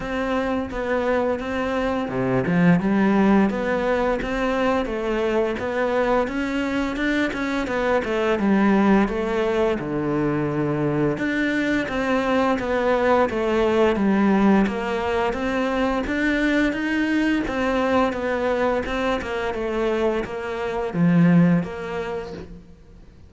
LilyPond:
\new Staff \with { instrumentName = "cello" } { \time 4/4 \tempo 4 = 86 c'4 b4 c'4 c8 f8 | g4 b4 c'4 a4 | b4 cis'4 d'8 cis'8 b8 a8 | g4 a4 d2 |
d'4 c'4 b4 a4 | g4 ais4 c'4 d'4 | dis'4 c'4 b4 c'8 ais8 | a4 ais4 f4 ais4 | }